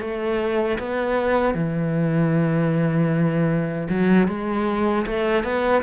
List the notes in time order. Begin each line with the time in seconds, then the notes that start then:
0.00 A3
0.79 B3
1.54 E3
3.89 F#3
4.27 G#3
5.06 A3
5.43 B3